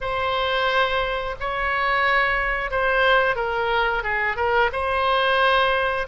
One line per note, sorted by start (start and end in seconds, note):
0.01 1.35 C5
1.40 2.70 C#5
2.70 3.35 C5
3.35 4.03 A#4
4.03 4.36 G#4
4.36 4.70 A#4
4.72 6.07 C5